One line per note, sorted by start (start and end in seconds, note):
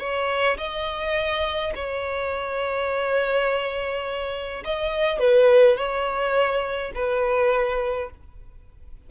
0.00 0.58 C#5
0.58 1.73 D#5
1.76 4.64 C#5
4.65 5.19 D#5
5.19 5.77 B4
5.77 6.93 C#5
6.95 8.11 B4